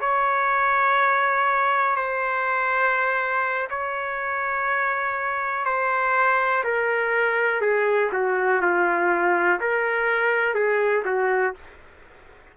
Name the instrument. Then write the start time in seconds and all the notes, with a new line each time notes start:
trumpet
0.00 C#5
1.96 C5
3.70 C#5
5.65 C5
6.64 A#4
7.61 G#4
8.12 F#4
8.62 F4
9.60 A#4
10.54 G#4
11.05 F#4